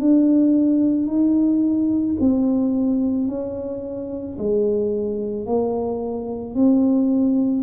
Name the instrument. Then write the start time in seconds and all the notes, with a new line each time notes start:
tuba
0.00 D4
1.07 D#4
2.20 C4
3.28 C#4
4.38 G#3
5.46 A#3
6.55 C4